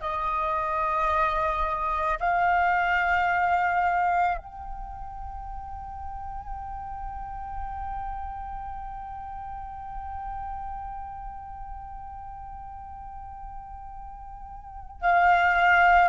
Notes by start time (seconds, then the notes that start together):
0.00 D#5
2.20 F5
4.38 G5
15.01 F5